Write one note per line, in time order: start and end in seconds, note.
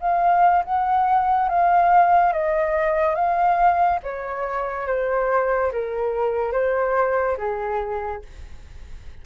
0.00 0.63 F5
0.64 1.49 F#5
1.49 2.32 F5
2.32 3.15 D#5
3.15 3.99 F5
4.03 4.87 C#5
4.87 5.72 C5
5.72 6.52 A#4
6.52 7.37 C5
7.38 8.22 G#4